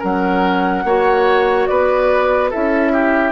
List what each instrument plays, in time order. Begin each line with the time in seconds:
0.00 bassoon F#3, clarinet C#4, oboe A#4, flute F#5
0.85 bassoon A#3, clarinet F#4, oboe C#5
1.67 bassoon B3, oboe B4, flute D5
2.51 bassoon C#4, clarinet E4, oboe A4, flute E5
2.93 oboe G4